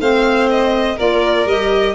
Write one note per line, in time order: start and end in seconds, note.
0.00 0.98 A3
0.00 0.98 C4
0.00 0.96 C5
0.00 0.49 F5
0.50 0.99 D#5
0.96 1.46 A#3
0.96 1.48 F4
0.96 1.94 A#4
0.96 1.48 D5
1.46 1.95 G3
1.46 1.95 G4
1.46 1.95 D#5